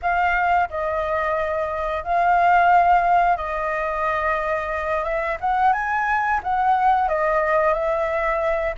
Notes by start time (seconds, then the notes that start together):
0.02 F5
0.69 D#5
2.03 F5
3.36 D#5
5.03 E5
5.40 F#5
5.72 G#5
6.43 F#5
7.08 D#5
7.73 E5